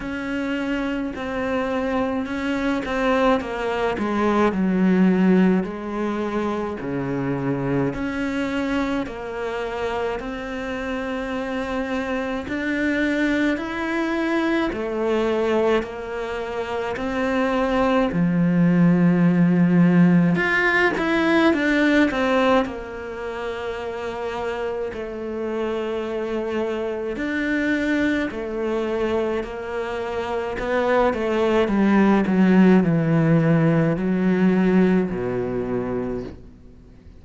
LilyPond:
\new Staff \with { instrumentName = "cello" } { \time 4/4 \tempo 4 = 53 cis'4 c'4 cis'8 c'8 ais8 gis8 | fis4 gis4 cis4 cis'4 | ais4 c'2 d'4 | e'4 a4 ais4 c'4 |
f2 f'8 e'8 d'8 c'8 | ais2 a2 | d'4 a4 ais4 b8 a8 | g8 fis8 e4 fis4 b,4 | }